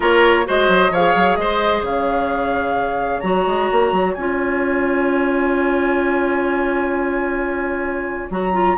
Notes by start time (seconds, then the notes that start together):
0.00 A#3 F4 A#4 C#5
0.44 G#3 F#4 C5 D#5
0.68 F#3
0.90 F3 G#4 C#5 F5
1.15 F#3
1.36 G#3 C5 D#5
1.81 C#3 C#5 F5
3.19 F#3 F#4 A#5
3.46 G#3
3.72 A#3
3.92 F#3
4.14 C#4 F4 G#5
8.30 F#3 F#4 A#5
8.53 F4